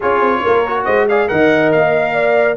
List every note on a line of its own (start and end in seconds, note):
0.00 0.20 C#4
0.00 0.66 F4
0.00 0.40 G#4
0.00 0.85 C#5
0.20 0.42 C4
0.43 0.87 A#3
0.43 0.85 A#4
0.67 1.10 F#4
0.85 1.30 G#3
0.85 1.06 C5
0.85 1.06 D#5
1.08 1.28 G#4
1.08 1.30 D5
1.08 1.28 F5
1.28 1.74 D#3
1.28 2.56 A#4
1.28 2.13 D#5
1.28 1.71 F#5
1.71 2.56 A#3
1.71 2.56 F5
2.13 2.56 D5